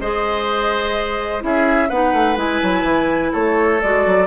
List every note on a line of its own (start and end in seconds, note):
0.00 1.43 G#3
0.00 1.40 G#4
0.00 1.43 C5
0.00 1.43 D#5
1.40 1.89 C#4
1.40 1.88 E4
1.40 1.89 G#4
1.40 1.89 E5
1.89 2.13 B3
1.89 2.36 D#4
1.89 3.32 B4
1.89 2.37 F#5
2.13 2.36 A3
2.36 2.60 G#3
2.36 3.79 E4
2.36 3.33 G#5
2.62 2.83 F#3
2.83 3.30 E3
3.33 3.83 A3
3.33 4.26 A4
3.33 3.81 C#5
3.81 4.06 G#3
3.81 4.26 F#4
3.81 4.26 D5
4.06 4.26 F#3